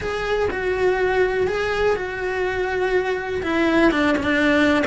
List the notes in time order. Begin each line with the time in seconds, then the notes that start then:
0.00 G#4
0.50 F#4
1.47 G#4
1.96 F#4
3.43 E4
3.91 D4
4.17 C#4 D4